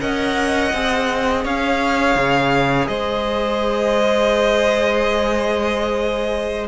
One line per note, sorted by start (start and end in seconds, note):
0.00 0.73 C#4
0.00 0.72 A#4
0.00 1.44 D#5
0.00 1.45 F#5
0.73 1.45 C4
0.73 6.67 G#4
1.44 2.15 C#4
1.44 2.88 C#5
1.44 2.87 F5
2.15 2.87 C#3
2.87 6.67 G#3
2.87 6.67 C5
2.87 6.67 D#5